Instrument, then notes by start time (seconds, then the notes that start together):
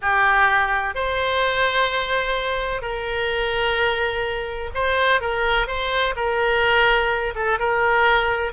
oboe
0.01 G4
0.94 C5
2.81 A#4
4.74 C5
5.21 A#4
5.67 C5
6.15 A#4
7.35 A4
7.59 A#4